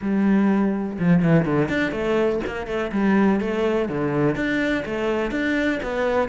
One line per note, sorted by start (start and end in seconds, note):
0.01 0.98 G3
0.99 1.22 F3
1.22 1.45 E3
1.45 1.68 D3
1.68 1.91 D4
1.91 2.40 A3
2.47 2.67 A#3
2.67 2.91 A3
2.92 3.40 G3
3.40 3.88 A3
3.88 4.35 D3
4.35 4.84 D4
4.85 5.31 A3
5.31 5.79 D4
5.82 6.28 B3